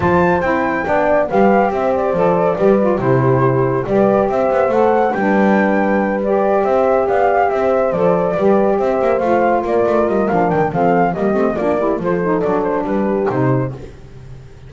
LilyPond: <<
  \new Staff \with { instrumentName = "flute" } { \time 4/4 \tempo 4 = 140 a''4 g''2 f''4 | e''8 d''2~ d''8 c''4~ | c''4 d''4 e''4 fis''4 | g''2~ g''8 d''4 e''8~ |
e''8 f''4 e''4 d''4.~ | d''8 e''4 f''4 d''4 dis''8 | f''8 g''8 f''4 dis''4 d''4 | c''4 d''8 c''8 b'4 c''4 | }
  \new Staff \with { instrumentName = "horn" } { \time 4/4 c''2 d''4 b'4 | c''2 b'4 g'4~ | g'4 b'4 c''2 | b'2.~ b'8 c''8~ |
c''8 d''4 c''2 b'8~ | b'8 c''2 ais'4.~ | ais'4 a'4 g'4 f'8 g'8 | a'2 g'2 | }
  \new Staff \with { instrumentName = "saxophone" } { \time 4/4 f'4 e'4 d'4 g'4~ | g'4 a'4 g'8 f'8 e'4~ | e'4 g'2 a'4 | d'2~ d'8 g'4.~ |
g'2~ g'8 a'4 g'8~ | g'4. f'2~ f'8 | d'4 c'4 ais8 c'8 d'8 e'8 | f'8 dis'8 d'2 dis'4 | }
  \new Staff \with { instrumentName = "double bass" } { \time 4/4 f4 c'4 b4 g4 | c'4 f4 g4 c4~ | c4 g4 c'8 b8 a4 | g2.~ g8 c'8~ |
c'8 b4 c'4 f4 g8~ | g8 c'8 ais8 a4 ais8 a8 g8 | f8 dis8 f4 g8 a8 ais4 | f4 fis4 g4 c4 | }
>>